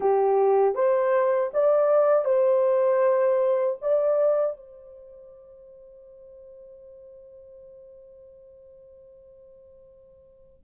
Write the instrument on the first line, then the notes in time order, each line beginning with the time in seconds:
horn
0.00 G4
0.75 C5
1.53 D5
2.24 C5
3.81 D5
4.56 C5